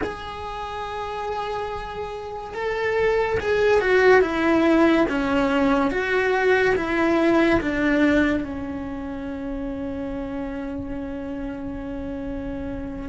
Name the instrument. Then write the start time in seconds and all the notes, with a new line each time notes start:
cello
0.03 G#4
2.54 A4
3.40 G#4
3.80 F#4
4.21 E4
5.09 C#4
5.90 F#4
6.75 E4
7.61 D4
8.44 C#4